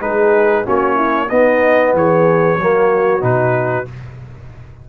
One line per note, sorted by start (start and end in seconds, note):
0.00 0.65 G#3
0.00 0.65 D#4
0.00 0.65 G#4
0.00 0.65 B4
0.65 1.30 A#3
0.65 1.29 C#4
0.65 0.95 F#4
0.65 1.29 C#5
0.95 1.28 E4
1.29 2.59 B3
1.29 1.93 B3
1.29 1.95 D#4
1.29 1.93 D#5
1.93 2.58 E3
1.93 2.60 G#4
1.93 3.23 C#5
2.58 3.22 F#3
2.58 3.20 A#3
2.58 3.89 F#4
3.20 3.86 B2
3.20 3.85 D#4
3.20 3.87 B4